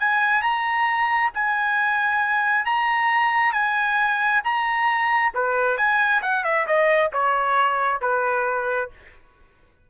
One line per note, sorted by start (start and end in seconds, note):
0.00 0.43 G#5
0.43 1.32 A#5
1.35 2.66 G#5
2.66 3.54 A#5
3.54 4.42 G#5
4.44 5.33 A#5
5.35 5.78 B4
5.78 6.22 G#5
6.22 6.44 F#5
6.44 6.67 E5
6.67 7.12 D#5
7.13 8.02 C#5
8.02 8.91 B4